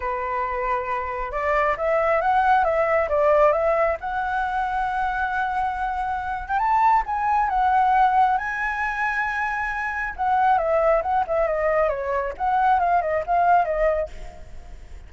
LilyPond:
\new Staff \with { instrumentName = "flute" } { \time 4/4 \tempo 4 = 136 b'2. d''4 | e''4 fis''4 e''4 d''4 | e''4 fis''2.~ | fis''2~ fis''8. g''16 a''4 |
gis''4 fis''2 gis''4~ | gis''2. fis''4 | e''4 fis''8 e''8 dis''4 cis''4 | fis''4 f''8 dis''8 f''4 dis''4 | }